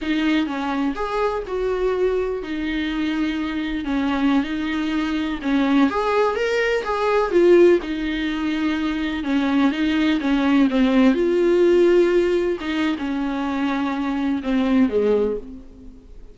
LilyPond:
\new Staff \with { instrumentName = "viola" } { \time 4/4 \tempo 4 = 125 dis'4 cis'4 gis'4 fis'4~ | fis'4 dis'2. | cis'4~ cis'16 dis'2 cis'8.~ | cis'16 gis'4 ais'4 gis'4 f'8.~ |
f'16 dis'2. cis'8.~ | cis'16 dis'4 cis'4 c'4 f'8.~ | f'2~ f'16 dis'8. cis'4~ | cis'2 c'4 gis4 | }